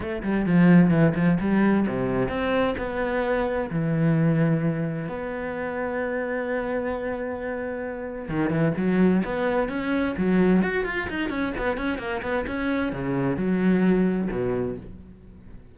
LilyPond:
\new Staff \with { instrumentName = "cello" } { \time 4/4 \tempo 4 = 130 a8 g8 f4 e8 f8 g4 | c4 c'4 b2 | e2. b4~ | b1~ |
b2 dis8 e8 fis4 | b4 cis'4 fis4 fis'8 f'8 | dis'8 cis'8 b8 cis'8 ais8 b8 cis'4 | cis4 fis2 b,4 | }